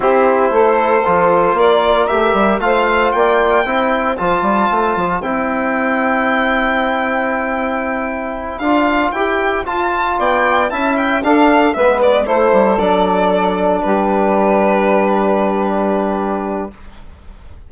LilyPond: <<
  \new Staff \with { instrumentName = "violin" } { \time 4/4 \tempo 4 = 115 c''2. d''4 | e''4 f''4 g''2 | a''2 g''2~ | g''1~ |
g''8 f''4 g''4 a''4 g''8~ | g''8 a''8 g''8 f''4 e''8 d''8 c''8~ | c''8 d''2 b'4.~ | b'1 | }
  \new Staff \with { instrumentName = "saxophone" } { \time 4/4 g'4 a'2 ais'4~ | ais'4 c''4 d''4 c''4~ | c''1~ | c''1~ |
c''2.~ c''8 d''8~ | d''8 e''4 a'4 b'4 a'8~ | a'2~ a'8 g'4.~ | g'1 | }
  \new Staff \with { instrumentName = "trombone" } { \time 4/4 e'2 f'2 | g'4 f'2 e'4 | f'2 e'2~ | e'1~ |
e'8 f'4 g'4 f'4.~ | f'8 e'4 d'4 b4 e'8~ | e'8 d'2.~ d'8~ | d'1 | }
  \new Staff \with { instrumentName = "bassoon" } { \time 4/4 c'4 a4 f4 ais4 | a8 g8 a4 ais4 c'4 | f8 g8 a8 f8 c'2~ | c'1~ |
c'8 d'4 e'4 f'4 b8~ | b8 cis'4 d'4 gis4 a8 | g8 fis2 g4.~ | g1 | }
>>